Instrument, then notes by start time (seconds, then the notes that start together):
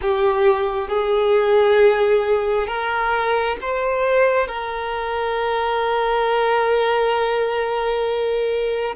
violin
0.01 G4
0.88 G#4
2.67 A#4
3.61 C5
4.47 A#4